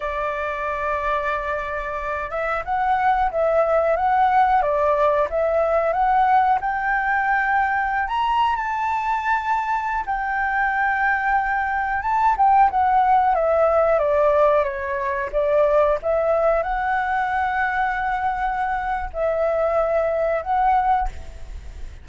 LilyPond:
\new Staff \with { instrumentName = "flute" } { \time 4/4 \tempo 4 = 91 d''2.~ d''8 e''8 | fis''4 e''4 fis''4 d''4 | e''4 fis''4 g''2~ | g''16 ais''8. a''2~ a''16 g''8.~ |
g''2~ g''16 a''8 g''8 fis''8.~ | fis''16 e''4 d''4 cis''4 d''8.~ | d''16 e''4 fis''2~ fis''8.~ | fis''4 e''2 fis''4 | }